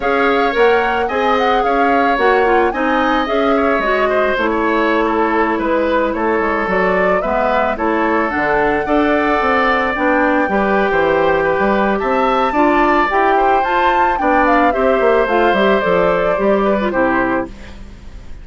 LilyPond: <<
  \new Staff \with { instrumentName = "flute" } { \time 4/4 \tempo 4 = 110 f''4 fis''4 gis''8 fis''8 f''4 | fis''4 gis''4 e''4 dis''4 | cis''2~ cis''16 b'4 cis''8.~ | cis''16 d''4 e''4 cis''4 fis''8.~ |
fis''2~ fis''16 g''4.~ g''16~ | g''2 a''2 | g''4 a''4 g''8 f''8 e''4 | f''8 e''8 d''2 c''4 | }
  \new Staff \with { instrumentName = "oboe" } { \time 4/4 cis''2 dis''4 cis''4~ | cis''4 dis''4. cis''4 c''8~ | c''16 cis''4 a'4 b'4 a'8.~ | a'4~ a'16 b'4 a'4.~ a'16~ |
a'16 d''2. b'8. | c''4 b'4 e''4 d''4~ | d''8 c''4. d''4 c''4~ | c''2~ c''8 b'8 g'4 | }
  \new Staff \with { instrumentName = "clarinet" } { \time 4/4 gis'4 ais'4 gis'2 | fis'8 f'8 dis'4 gis'4 fis'4 | e'1~ | e'16 fis'4 b4 e'4 d'8.~ |
d'16 a'2 d'4 g'8.~ | g'2. f'4 | g'4 f'4 d'4 g'4 | f'8 g'8 a'4 g'8. f'16 e'4 | }
  \new Staff \with { instrumentName = "bassoon" } { \time 4/4 cis'4 ais4 c'4 cis'4 | ais4 c'4 cis'4 gis4 | a2~ a16 gis4 a8 gis16~ | gis16 fis4 gis4 a4 d8.~ |
d16 d'4 c'4 b4 g8. | e4~ e16 g8. c'4 d'4 | e'4 f'4 b4 c'8 ais8 | a8 g8 f4 g4 c4 | }
>>